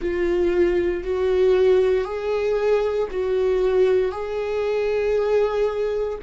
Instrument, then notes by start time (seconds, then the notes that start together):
viola
0.01 F4
1.03 F#4
2.04 G#4
3.10 F#4
4.11 G#4